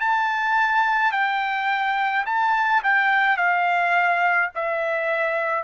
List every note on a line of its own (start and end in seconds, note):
0.00 1.12 A5
1.12 2.25 G5
2.25 2.82 A5
2.83 3.37 G5
3.37 4.50 F5
4.55 5.63 E5